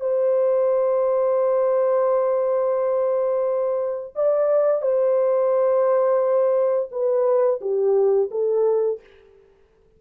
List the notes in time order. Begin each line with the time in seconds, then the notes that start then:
0.00 C5
4.15 D5
4.82 C5
6.91 B4
7.61 G4
8.31 A4